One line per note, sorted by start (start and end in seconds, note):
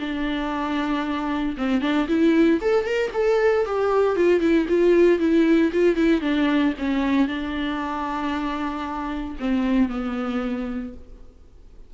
0.00 1.57 D4
1.57 1.82 C4
1.82 2.08 D4
2.08 2.61 E4
2.62 2.85 A4
2.85 3.11 A#4
3.14 3.66 A4
3.66 4.16 G4
4.16 4.41 F4
4.41 4.67 E4
4.69 5.20 F4
5.20 5.72 E4
5.73 5.97 F4
5.97 6.22 E4
6.22 6.74 D4
6.79 7.28 C#4
7.28 9.37 D4
9.40 9.89 C4
9.89 10.94 B3